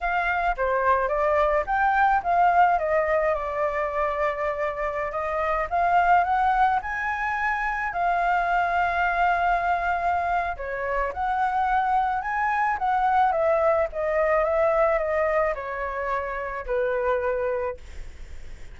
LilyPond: \new Staff \with { instrumentName = "flute" } { \time 4/4 \tempo 4 = 108 f''4 c''4 d''4 g''4 | f''4 dis''4 d''2~ | d''4~ d''16 dis''4 f''4 fis''8.~ | fis''16 gis''2 f''4.~ f''16~ |
f''2. cis''4 | fis''2 gis''4 fis''4 | e''4 dis''4 e''4 dis''4 | cis''2 b'2 | }